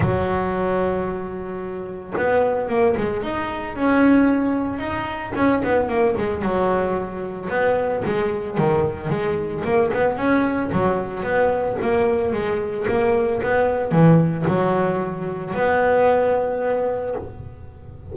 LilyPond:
\new Staff \with { instrumentName = "double bass" } { \time 4/4 \tempo 4 = 112 fis1 | b4 ais8 gis8 dis'4 cis'4~ | cis'4 dis'4 cis'8 b8 ais8 gis8 | fis2 b4 gis4 |
dis4 gis4 ais8 b8 cis'4 | fis4 b4 ais4 gis4 | ais4 b4 e4 fis4~ | fis4 b2. | }